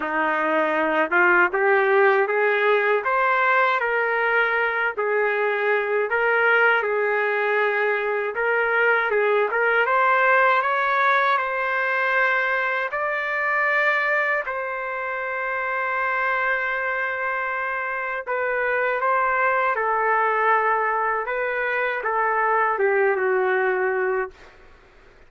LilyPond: \new Staff \with { instrumentName = "trumpet" } { \time 4/4 \tempo 4 = 79 dis'4. f'8 g'4 gis'4 | c''4 ais'4. gis'4. | ais'4 gis'2 ais'4 | gis'8 ais'8 c''4 cis''4 c''4~ |
c''4 d''2 c''4~ | c''1 | b'4 c''4 a'2 | b'4 a'4 g'8 fis'4. | }